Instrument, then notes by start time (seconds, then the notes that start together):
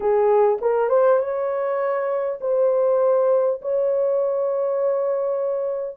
horn
0.00 G#4
0.61 A#4
0.89 C5
1.19 C#5
2.41 C5
3.61 C#5